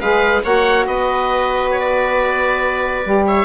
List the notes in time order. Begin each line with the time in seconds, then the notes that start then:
0.00 G#3 G#4 B4 F5
0.43 A#3 F#4 C#5 F#5
0.87 B3 B4 D#5
1.70 C#5
1.80 D5
3.04 G3 G4
3.26 C#5 E5